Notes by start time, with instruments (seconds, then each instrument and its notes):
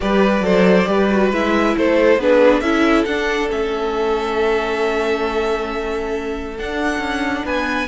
0.00 cello G3, viola G4, violin B4 D5
0.41 cello F#3, viola A4, violin C5
0.85 cello G3, viola G4, violin B4
1.11 viola F#4
1.31 cello G#3, viola E4, violin E5
1.77 cello A3, violin A4 C5
2.17 cello B3, viola D4, violin G#4 B4
2.60 cello C#4, viola E4, violin A4 E5
3.04 cello D4, viola D4, violin F#5
3.49 cello A3, viola C#4, violin E5
6.58 cello D4, viola D4, violin F#5
6.98 cello C#4
7.44 cello B3, violin B4 G#5